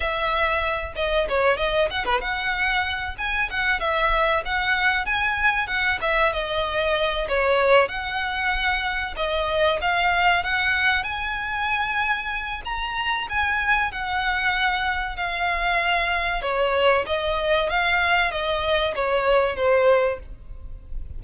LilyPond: \new Staff \with { instrumentName = "violin" } { \time 4/4 \tempo 4 = 95 e''4. dis''8 cis''8 dis''8 fis''16 b'16 fis''8~ | fis''4 gis''8 fis''8 e''4 fis''4 | gis''4 fis''8 e''8 dis''4. cis''8~ | cis''8 fis''2 dis''4 f''8~ |
f''8 fis''4 gis''2~ gis''8 | ais''4 gis''4 fis''2 | f''2 cis''4 dis''4 | f''4 dis''4 cis''4 c''4 | }